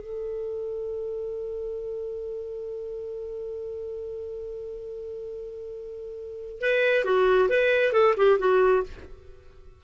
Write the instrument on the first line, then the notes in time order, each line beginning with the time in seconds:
clarinet
0.00 A4
6.61 B4
7.04 F#4
7.49 B4
7.93 A4
8.17 G4
8.39 F#4